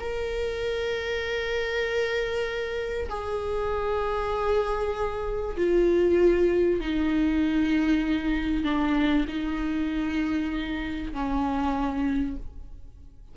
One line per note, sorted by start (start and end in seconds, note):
0.00 3.09 A#4
3.10 5.57 G#4
5.57 6.81 F4
6.81 8.64 D#4
8.64 9.26 D4
9.28 11.13 D#4
11.13 12.37 C#4